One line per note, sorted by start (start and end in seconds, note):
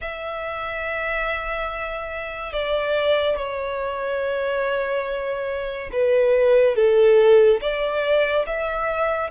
0.01 2.52 E5
2.52 3.36 D5
3.36 5.90 C#5
5.92 6.75 B4
6.75 7.60 A4
7.61 8.45 D5
8.46 9.30 E5